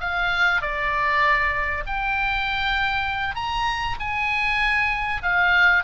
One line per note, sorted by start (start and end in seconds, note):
0.00 0.61 F5
0.61 1.84 D5
1.86 3.35 G5
3.35 3.96 A#5
3.99 5.22 G#5
5.22 5.84 F5